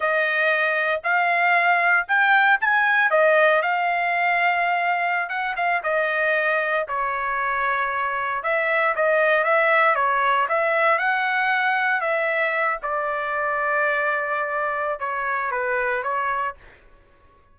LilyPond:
\new Staff \with { instrumentName = "trumpet" } { \time 4/4 \tempo 4 = 116 dis''2 f''2 | g''4 gis''4 dis''4 f''4~ | f''2~ f''16 fis''8 f''8 dis''8.~ | dis''4~ dis''16 cis''2~ cis''8.~ |
cis''16 e''4 dis''4 e''4 cis''8.~ | cis''16 e''4 fis''2 e''8.~ | e''8. d''2.~ d''16~ | d''4 cis''4 b'4 cis''4 | }